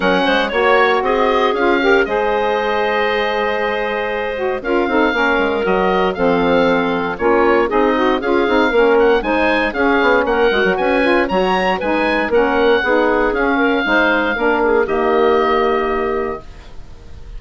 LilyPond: <<
  \new Staff \with { instrumentName = "oboe" } { \time 4/4 \tempo 4 = 117 fis''4 cis''4 dis''4 f''4 | dis''1~ | dis''4 f''2 dis''4 | f''2 cis''4 dis''4 |
f''4. fis''8 gis''4 f''4 | fis''4 gis''4 ais''4 gis''4 | fis''2 f''2~ | f''4 dis''2. | }
  \new Staff \with { instrumentName = "clarinet" } { \time 4/4 ais'8 c''8 cis''4 gis'4. ais'8 | c''1~ | c''4 ais'8 a'8 ais'2 | a'2 f'4 dis'4 |
gis'4 ais'4 c''4 gis'4 | ais'4 b'4 cis''4 b'4 | ais'4 gis'4. ais'8 c''4 | ais'8 gis'8 g'2. | }
  \new Staff \with { instrumentName = "saxophone" } { \time 4/4 cis'4 fis'2 f'8 g'8 | gis'1~ | gis'8 fis'8 f'8 dis'8 cis'4 fis'4 | c'2 cis'4 gis'8 fis'8 |
f'8 dis'8 cis'4 dis'4 cis'4~ | cis'8 fis'4 f'8 fis'4 dis'4 | cis'4 dis'4 cis'4 dis'4 | d'4 ais2. | }
  \new Staff \with { instrumentName = "bassoon" } { \time 4/4 fis8 gis8 ais4 c'4 cis'4 | gis1~ | gis4 cis'8 c'8 ais8 gis8 fis4 | f2 ais4 c'4 |
cis'8 c'8 ais4 gis4 cis'8 b8 | ais8 gis16 fis16 cis'4 fis4 gis4 | ais4 b4 cis'4 gis4 | ais4 dis2. | }
>>